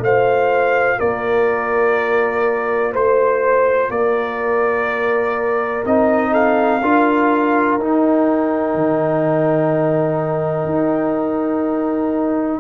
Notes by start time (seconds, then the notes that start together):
0.00 A3 F4 C5 F5
0.99 A#3 A#4 D5
2.92 A3 C5
3.89 A#3 A#4 D5
5.85 C4 D#4 D#5
6.32 A4 F5
6.82 D4 F4 A#4
7.79 D#4 G5
8.75 D#3
10.65 D#4